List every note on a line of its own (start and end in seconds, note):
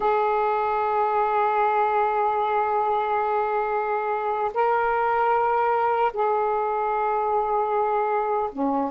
0.00 4.51 G#4
4.54 6.12 A#4
6.13 8.49 G#4
8.52 8.90 C#4